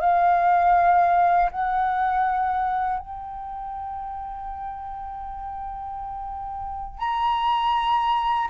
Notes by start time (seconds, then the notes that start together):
0.00 F5
1.50 F#5
2.99 G5
6.99 A#5